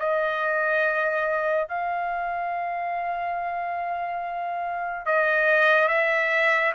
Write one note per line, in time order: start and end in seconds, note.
0.00 1.69 D#5
1.69 5.06 F5
5.06 5.88 D#5
5.88 6.73 E5